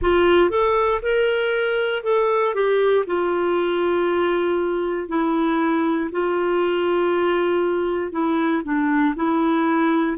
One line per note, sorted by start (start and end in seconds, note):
0.01 0.50 F4
0.50 1.01 A4
1.02 2.03 A#4
2.03 2.54 A4
2.54 3.05 G4
3.06 5.08 F4
5.08 6.10 E4
6.11 8.12 F4
8.12 8.63 E4
8.63 9.14 D4
9.15 10.17 E4